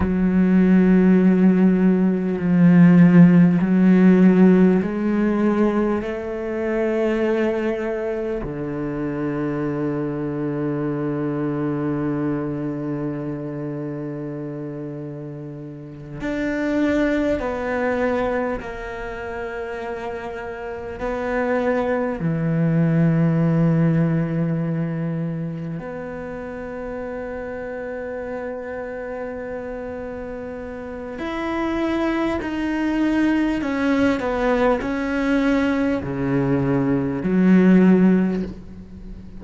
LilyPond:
\new Staff \with { instrumentName = "cello" } { \time 4/4 \tempo 4 = 50 fis2 f4 fis4 | gis4 a2 d4~ | d1~ | d4. d'4 b4 ais8~ |
ais4. b4 e4.~ | e4. b2~ b8~ | b2 e'4 dis'4 | cis'8 b8 cis'4 cis4 fis4 | }